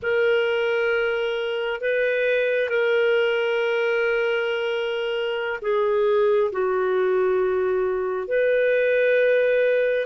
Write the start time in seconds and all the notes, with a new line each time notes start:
0.02 A#4
1.81 B4
2.69 A#4
5.61 G#4
6.52 F#4
8.27 B4